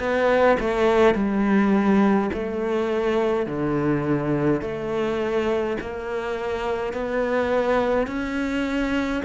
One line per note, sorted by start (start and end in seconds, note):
0.00 0.58 B3
0.60 1.15 A3
1.15 2.31 G3
2.34 3.47 A3
3.47 4.62 D3
4.62 5.77 A3
5.81 6.93 A#3
6.93 8.07 B3
8.07 9.23 C#4